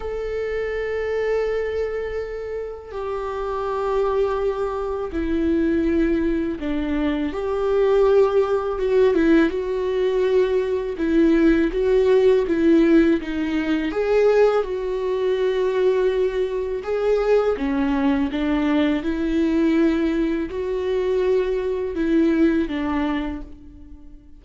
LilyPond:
\new Staff \with { instrumentName = "viola" } { \time 4/4 \tempo 4 = 82 a'1 | g'2. e'4~ | e'4 d'4 g'2 | fis'8 e'8 fis'2 e'4 |
fis'4 e'4 dis'4 gis'4 | fis'2. gis'4 | cis'4 d'4 e'2 | fis'2 e'4 d'4 | }